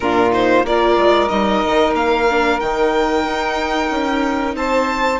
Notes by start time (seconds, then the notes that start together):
0.00 A#2 D4 F4 A#4
0.30 D#4 C5
0.64 A#3 F4 A#4 D5
0.97 G#3
1.28 G3 D#4 D#5
1.65 D#3
1.93 A#3 F5
2.29 D4
2.59 D#3 D#4 G5
3.24 D#4
3.90 C#4
4.54 C4 C5 A5